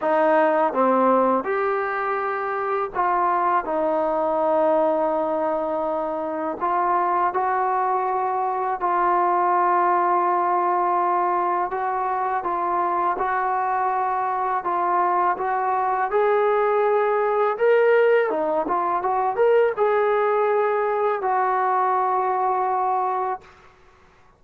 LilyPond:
\new Staff \with { instrumentName = "trombone" } { \time 4/4 \tempo 4 = 82 dis'4 c'4 g'2 | f'4 dis'2.~ | dis'4 f'4 fis'2 | f'1 |
fis'4 f'4 fis'2 | f'4 fis'4 gis'2 | ais'4 dis'8 f'8 fis'8 ais'8 gis'4~ | gis'4 fis'2. | }